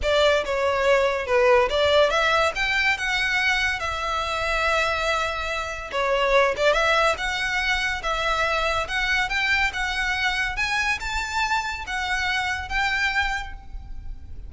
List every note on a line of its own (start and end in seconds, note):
0.02 0.44 D5
0.44 1.26 C#5
1.26 1.68 B4
1.69 2.10 D5
2.10 2.52 E5
2.55 2.97 G5
2.97 3.79 F#5
3.79 5.90 E5
5.91 6.55 C#5
6.56 6.73 D5
6.73 7.15 E5
7.17 8.02 F#5
8.02 8.87 E5
8.88 9.29 F#5
9.29 9.71 G5
9.73 10.56 F#5
10.56 10.98 G#5
11.00 11.84 A5
11.87 12.68 F#5
12.68 13.53 G5